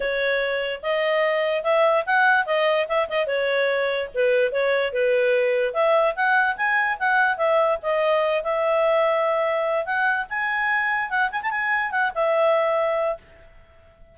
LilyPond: \new Staff \with { instrumentName = "clarinet" } { \time 4/4 \tempo 4 = 146 cis''2 dis''2 | e''4 fis''4 dis''4 e''8 dis''8 | cis''2 b'4 cis''4 | b'2 e''4 fis''4 |
gis''4 fis''4 e''4 dis''4~ | dis''8 e''2.~ e''8 | fis''4 gis''2 fis''8 gis''16 a''16 | gis''4 fis''8 e''2~ e''8 | }